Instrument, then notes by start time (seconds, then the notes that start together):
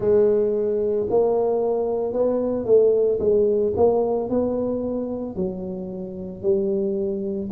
tuba
0.00 G#3
1.10 A#3
2.12 B3
2.65 A3
3.19 G#3
3.76 A#3
4.29 B3
5.35 F#3
6.42 G3